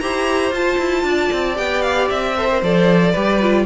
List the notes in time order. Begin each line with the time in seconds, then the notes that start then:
0.00 E4 G4 C5 A#5
0.52 F4 A5
0.78 E4
1.04 D4 D5
1.33 C4
1.55 B3 G4 G5
1.82 F5
2.09 C4 E5
2.38 A4 C5
2.51 A#4
2.62 F3 A4 D5
3.12 G3 G4 B4
3.42 F4